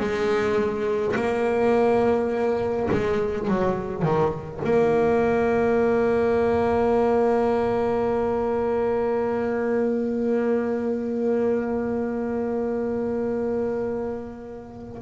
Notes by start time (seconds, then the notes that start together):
0.00 G#3
1.16 A#3
2.91 G#3
3.48 F#3
4.02 D#3
4.65 A#3